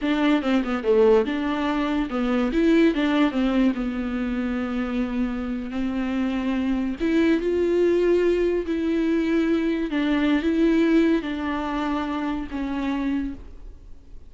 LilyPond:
\new Staff \with { instrumentName = "viola" } { \time 4/4 \tempo 4 = 144 d'4 c'8 b8 a4 d'4~ | d'4 b4 e'4 d'4 | c'4 b2.~ | b4.~ b16 c'2~ c'16~ |
c'8. e'4 f'2~ f'16~ | f'8. e'2. d'16~ | d'4 e'2 d'4~ | d'2 cis'2 | }